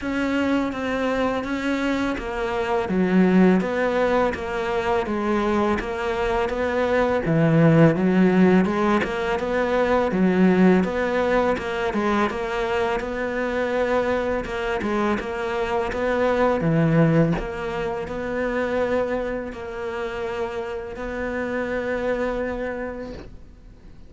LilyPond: \new Staff \with { instrumentName = "cello" } { \time 4/4 \tempo 4 = 83 cis'4 c'4 cis'4 ais4 | fis4 b4 ais4 gis4 | ais4 b4 e4 fis4 | gis8 ais8 b4 fis4 b4 |
ais8 gis8 ais4 b2 | ais8 gis8 ais4 b4 e4 | ais4 b2 ais4~ | ais4 b2. | }